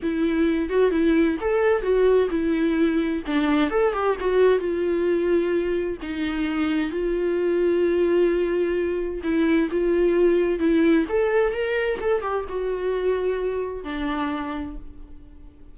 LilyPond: \new Staff \with { instrumentName = "viola" } { \time 4/4 \tempo 4 = 130 e'4. fis'8 e'4 a'4 | fis'4 e'2 d'4 | a'8 g'8 fis'4 f'2~ | f'4 dis'2 f'4~ |
f'1 | e'4 f'2 e'4 | a'4 ais'4 a'8 g'8 fis'4~ | fis'2 d'2 | }